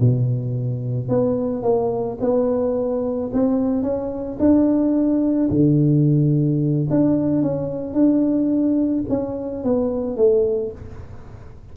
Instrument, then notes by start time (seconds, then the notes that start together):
tuba
0.00 B2
1.08 B3
1.63 A#3
2.20 B3
3.33 C4
3.83 C#4
4.39 D4
5.50 D3
6.90 D4
7.42 C#4
7.94 D4
9.09 C#4
9.64 B3
10.17 A3